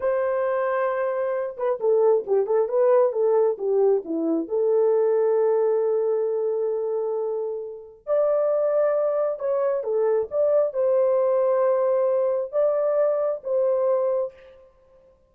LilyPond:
\new Staff \with { instrumentName = "horn" } { \time 4/4 \tempo 4 = 134 c''2.~ c''8 b'8 | a'4 g'8 a'8 b'4 a'4 | g'4 e'4 a'2~ | a'1~ |
a'2 d''2~ | d''4 cis''4 a'4 d''4 | c''1 | d''2 c''2 | }